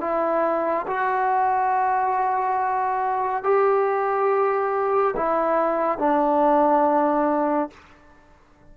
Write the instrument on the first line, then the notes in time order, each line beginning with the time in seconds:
trombone
0.00 E4
0.87 F#4
3.43 G4
5.16 E4
5.98 D4